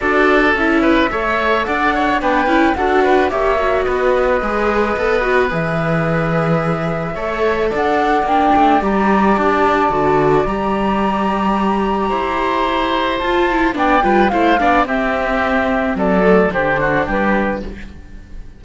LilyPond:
<<
  \new Staff \with { instrumentName = "flute" } { \time 4/4 \tempo 4 = 109 d''4 e''2 fis''4 | g''4 fis''4 e''4 dis''4~ | dis''2 e''2~ | e''2 fis''4 g''4 |
ais''4 a''2 ais''4~ | ais''1 | a''4 g''4 f''4 e''4~ | e''4 d''4 c''4 b'4 | }
  \new Staff \with { instrumentName = "oboe" } { \time 4/4 a'4. b'8 cis''4 d''8 cis''8 | b'4 a'8 b'8 cis''4 b'4~ | b'1~ | b'4 cis''4 d''2~ |
d''1~ | d''2 c''2~ | c''4 d''8 b'8 c''8 d''8 g'4~ | g'4 a'4 g'8 fis'8 g'4 | }
  \new Staff \with { instrumentName = "viola" } { \time 4/4 fis'4 e'4 a'2 | d'8 e'8 fis'4 g'8 fis'4. | gis'4 a'8 fis'8 gis'2~ | gis'4 a'2 d'4 |
g'2 fis'4 g'4~ | g'1 | f'8 e'8 d'8 f'8 e'8 d'8 c'4~ | c'4. a8 d'2 | }
  \new Staff \with { instrumentName = "cello" } { \time 4/4 d'4 cis'4 a4 d'4 | b8 cis'8 d'4 ais4 b4 | gis4 b4 e2~ | e4 a4 d'4 ais8 a8 |
g4 d'4 d4 g4~ | g2 e'2 | f'4 b8 g8 a8 b8 c'4~ | c'4 fis4 d4 g4 | }
>>